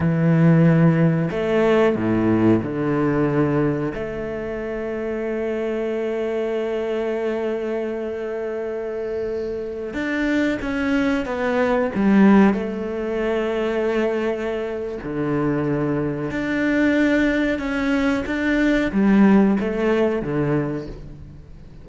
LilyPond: \new Staff \with { instrumentName = "cello" } { \time 4/4 \tempo 4 = 92 e2 a4 a,4 | d2 a2~ | a1~ | a2.~ a16 d'8.~ |
d'16 cis'4 b4 g4 a8.~ | a2. d4~ | d4 d'2 cis'4 | d'4 g4 a4 d4 | }